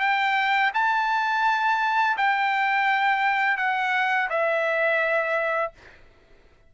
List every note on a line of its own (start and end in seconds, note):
0.00 0.71 G5
0.74 2.17 A5
2.17 3.57 G5
3.57 4.29 F#5
4.30 5.72 E5